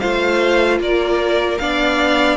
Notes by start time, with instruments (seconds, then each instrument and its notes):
0.00 cello A3, viola F4, violin C5 F5
0.80 cello A#3, violin A#4 D5
1.58 cello B3, viola D4, violin D5 F5